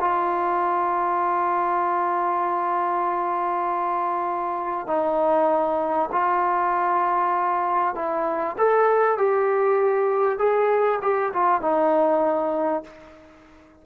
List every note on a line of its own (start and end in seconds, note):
0.00 4.87 F4
4.87 6.09 D#4
6.11 7.95 F4
7.95 8.56 E4
8.57 9.18 A4
9.18 10.38 G4
10.38 11.00 G#4
11.01 11.32 G4
11.33 11.61 F4
11.61 12.83 D#4